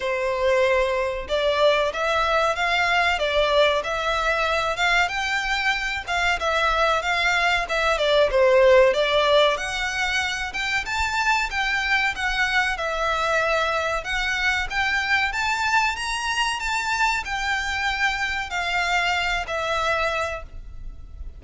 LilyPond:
\new Staff \with { instrumentName = "violin" } { \time 4/4 \tempo 4 = 94 c''2 d''4 e''4 | f''4 d''4 e''4. f''8 | g''4. f''8 e''4 f''4 | e''8 d''8 c''4 d''4 fis''4~ |
fis''8 g''8 a''4 g''4 fis''4 | e''2 fis''4 g''4 | a''4 ais''4 a''4 g''4~ | g''4 f''4. e''4. | }